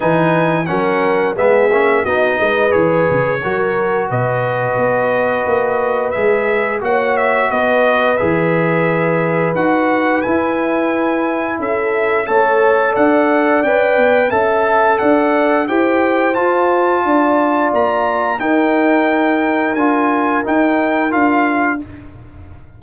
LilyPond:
<<
  \new Staff \with { instrumentName = "trumpet" } { \time 4/4 \tempo 4 = 88 gis''4 fis''4 e''4 dis''4 | cis''2 dis''2~ | dis''4 e''4 fis''8 e''8 dis''4 | e''2 fis''4 gis''4~ |
gis''4 e''4 a''4 fis''4 | g''4 a''4 fis''4 g''4 | a''2 ais''4 g''4~ | g''4 gis''4 g''4 f''4 | }
  \new Staff \with { instrumentName = "horn" } { \time 4/4 b'4 ais'4 gis'4 fis'8 b'8~ | b'4 ais'4 b'2~ | b'2 cis''4 b'4~ | b'1~ |
b'4 a'4 cis''4 d''4~ | d''4 e''4 d''4 c''4~ | c''4 d''2 ais'4~ | ais'1 | }
  \new Staff \with { instrumentName = "trombone" } { \time 4/4 dis'4 cis'4 b8 cis'8 dis'4 | gis'4 fis'2.~ | fis'4 gis'4 fis'2 | gis'2 fis'4 e'4~ |
e'2 a'2 | b'4 a'2 g'4 | f'2. dis'4~ | dis'4 f'4 dis'4 f'4 | }
  \new Staff \with { instrumentName = "tuba" } { \time 4/4 e4 fis4 gis8 ais8 b8 gis8 | e8 cis8 fis4 b,4 b4 | ais4 gis4 ais4 b4 | e2 dis'4 e'4~ |
e'4 cis'4 a4 d'4 | cis'8 b8 cis'4 d'4 e'4 | f'4 d'4 ais4 dis'4~ | dis'4 d'4 dis'4 d'4 | }
>>